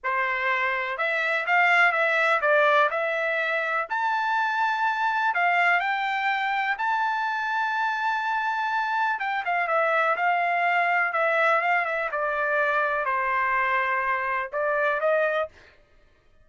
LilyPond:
\new Staff \with { instrumentName = "trumpet" } { \time 4/4 \tempo 4 = 124 c''2 e''4 f''4 | e''4 d''4 e''2 | a''2. f''4 | g''2 a''2~ |
a''2. g''8 f''8 | e''4 f''2 e''4 | f''8 e''8 d''2 c''4~ | c''2 d''4 dis''4 | }